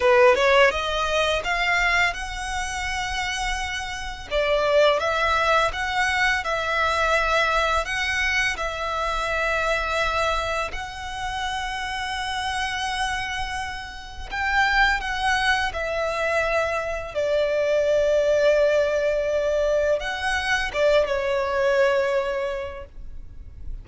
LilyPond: \new Staff \with { instrumentName = "violin" } { \time 4/4 \tempo 4 = 84 b'8 cis''8 dis''4 f''4 fis''4~ | fis''2 d''4 e''4 | fis''4 e''2 fis''4 | e''2. fis''4~ |
fis''1 | g''4 fis''4 e''2 | d''1 | fis''4 d''8 cis''2~ cis''8 | }